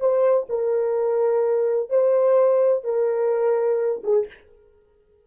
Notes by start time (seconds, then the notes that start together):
0.00 C5
0.49 A#4
1.90 C5
2.84 A#4
4.04 G#4